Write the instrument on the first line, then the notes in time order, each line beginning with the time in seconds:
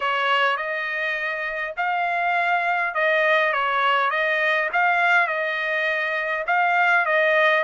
trumpet
0.00 C#5
0.56 D#5
1.76 F5
2.94 D#5
3.53 C#5
4.10 D#5
4.72 F5
5.27 D#5
6.47 F5
7.05 D#5